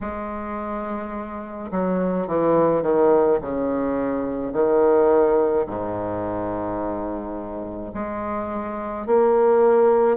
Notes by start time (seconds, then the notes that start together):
0.01 G#3
1.71 F#3
2.27 E3
2.82 D#3
3.41 C#3
4.52 D#3
5.66 G#2
7.93 G#3
9.06 A#3